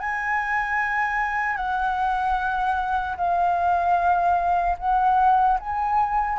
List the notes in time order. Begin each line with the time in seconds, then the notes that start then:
0.00 G#5
1.57 F#5
3.17 F5
4.79 F#5
5.60 G#5